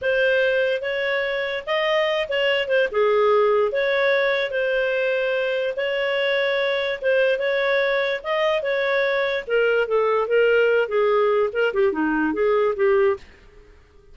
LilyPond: \new Staff \with { instrumentName = "clarinet" } { \time 4/4 \tempo 4 = 146 c''2 cis''2 | dis''4. cis''4 c''8 gis'4~ | gis'4 cis''2 c''4~ | c''2 cis''2~ |
cis''4 c''4 cis''2 | dis''4 cis''2 ais'4 | a'4 ais'4. gis'4. | ais'8 g'8 dis'4 gis'4 g'4 | }